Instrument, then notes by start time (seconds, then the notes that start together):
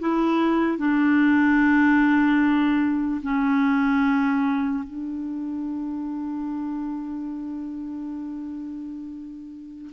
clarinet
0.00 E4
0.79 D4
3.23 C#4
4.84 D4